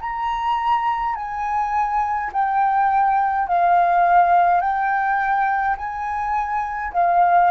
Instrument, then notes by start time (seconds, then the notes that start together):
flute
0.00 A#5
1.15 G#5
2.32 G5
3.47 F5
4.60 G5
5.76 G#5
6.93 F5